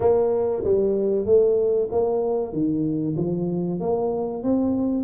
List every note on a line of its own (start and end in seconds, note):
0.00 0.63 A#3
0.63 1.25 G3
1.25 1.89 A3
1.91 2.52 A#3
2.52 3.16 D#3
3.17 3.80 F3
3.80 4.43 A#3
4.43 5.04 C4